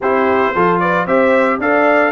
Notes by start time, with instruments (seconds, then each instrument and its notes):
0.00 tuba C4, trombone E4, horn G4, trumpet C5
0.53 tuba F3, trombone F4, horn A4
0.79 horn B4, trumpet D5
1.05 tuba C4, trombone G4, horn C5, trumpet E5
1.59 tuba D4, trombone A4, horn D5, trumpet F5